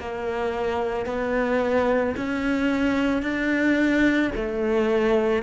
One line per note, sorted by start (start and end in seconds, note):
0.00 1.07 A#3
1.07 2.16 B3
2.17 3.23 C#4
3.23 4.32 D4
4.36 5.43 A3